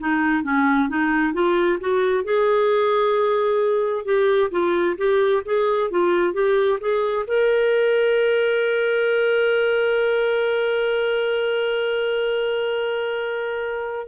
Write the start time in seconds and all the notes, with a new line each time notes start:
0.00 D#4
0.43 C#4
0.89 D#4
1.33 F4
1.80 F#4
2.24 G#4
4.05 G4
4.51 F4
4.98 G4
5.45 G#4
5.91 F4
6.33 G4
6.81 G#4
7.27 A#4